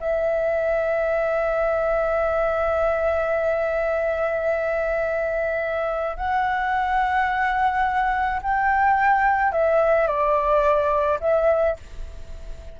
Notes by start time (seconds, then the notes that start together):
0.00 E5
6.17 F#5
8.42 G5
9.52 E5
10.07 D5
11.20 E5